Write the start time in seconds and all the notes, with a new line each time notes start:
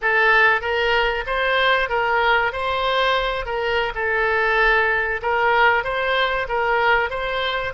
0.01 A4
0.61 A#4
1.26 C5
1.89 A#4
2.52 C5
3.45 A#4
3.94 A4
5.21 A#4
5.84 C5
6.48 A#4
7.09 C5